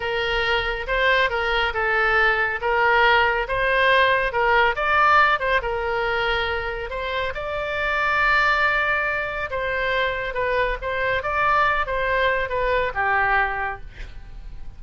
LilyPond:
\new Staff \with { instrumentName = "oboe" } { \time 4/4 \tempo 4 = 139 ais'2 c''4 ais'4 | a'2 ais'2 | c''2 ais'4 d''4~ | d''8 c''8 ais'2. |
c''4 d''2.~ | d''2 c''2 | b'4 c''4 d''4. c''8~ | c''4 b'4 g'2 | }